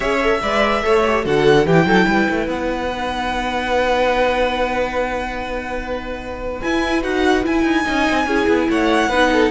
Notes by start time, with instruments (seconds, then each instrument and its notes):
0.00 cello C#4, viola G#4, violin C#5 E5
0.20 viola A4
0.41 cello G#3, viola B4, violin D5
0.82 cello A3, viola A4, violin C#5
1.05 viola G4
1.24 cello D3, viola F#4, violin A4 F#5
1.65 cello E3, viola E4, violin G4 G5
1.85 cello F#3, violin A4
2.07 cello G3, violin B4
2.29 cello A3
2.47 cello B3, violin F#5
2.91 viola D#4
6.61 viola E4, cello E4, violin G#5
7.01 cello D#4, viola F#4, violin F#5
7.43 viola E4, cello E4, violin G#5
7.63 cello D#4
7.84 cello C#4, viola D#4, violin D#5
8.09 cello C4
8.26 cello C#4, viola E4, violin G#4
8.47 cello B3
8.69 cello A3, violin C#5 F#5
9.08 cello B3, viola D#4, violin B4
9.32 violin A4